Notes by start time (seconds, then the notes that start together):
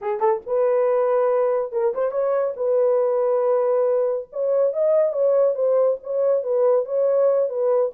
0.01 G#4
0.19 A4
0.46 B4
1.72 A#4
1.94 C5
2.11 C#5
2.56 B4
4.32 C#5
4.73 D#5
5.12 C#5
5.55 C5
6.03 C#5
6.43 B4
6.85 C#5
7.49 B4